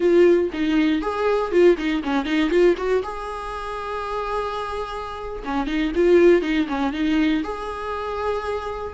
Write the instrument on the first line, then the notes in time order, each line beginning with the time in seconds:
viola
0.00 F4
0.52 D#4
1.01 G#4
1.51 F4
1.77 D#4
2.03 C#4
2.25 D#4
2.50 F4
2.77 F#4
3.03 G#4
5.44 C#4
5.67 D#4
5.95 F4
6.41 D#4
6.68 C#4
6.92 D#4
7.43 G#4